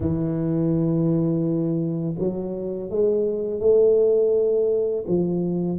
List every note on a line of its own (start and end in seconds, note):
0.00 2.15 E3
2.18 2.89 F#3
2.89 3.60 G#3
3.60 5.04 A3
5.07 5.78 F3